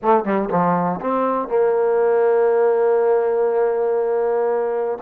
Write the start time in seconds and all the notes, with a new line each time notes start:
0.02 A3
0.24 G3
0.50 F3
1.00 C4
1.48 A#3